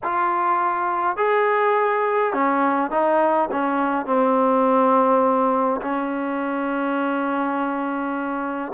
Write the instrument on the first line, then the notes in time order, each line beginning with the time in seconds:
trombone
0.03 F4
1.17 G#4
2.33 C#4
2.90 D#4
3.51 C#4
4.06 C4
5.81 C#4